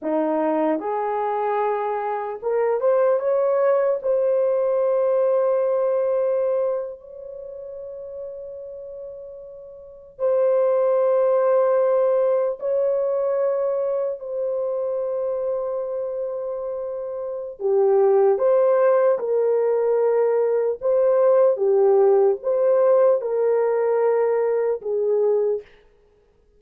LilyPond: \new Staff \with { instrumentName = "horn" } { \time 4/4 \tempo 4 = 75 dis'4 gis'2 ais'8 c''8 | cis''4 c''2.~ | c''8. cis''2.~ cis''16~ | cis''8. c''2. cis''16~ |
cis''4.~ cis''16 c''2~ c''16~ | c''2 g'4 c''4 | ais'2 c''4 g'4 | c''4 ais'2 gis'4 | }